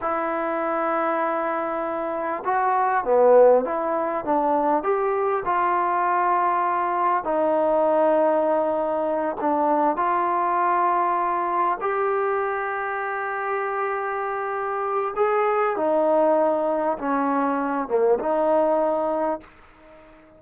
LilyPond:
\new Staff \with { instrumentName = "trombone" } { \time 4/4 \tempo 4 = 99 e'1 | fis'4 b4 e'4 d'4 | g'4 f'2. | dis'2.~ dis'8 d'8~ |
d'8 f'2. g'8~ | g'1~ | g'4 gis'4 dis'2 | cis'4. ais8 dis'2 | }